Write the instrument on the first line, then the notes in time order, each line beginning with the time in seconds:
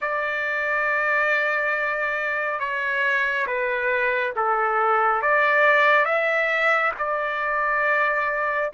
trumpet
0.01 D5
2.59 C#5
3.46 B4
4.36 A4
5.22 D5
6.05 E5
6.98 D5